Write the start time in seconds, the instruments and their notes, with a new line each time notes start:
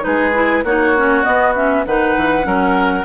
0.00 bassoon G#3, clarinet D#4, oboe G#4, flute B4
0.34 clarinet E4
0.63 bassoon A#3, clarinet D#4, oboe F#4, flute C#5
0.97 clarinet C#4
1.23 clarinet B3, bassoon B3, flute D#5
1.55 clarinet C#4, flute E5
1.85 bassoon D#3, clarinet D#4, oboe B4, flute F#5
2.16 bassoon E3
2.42 bassoon F#3, clarinet C#4, oboe A#4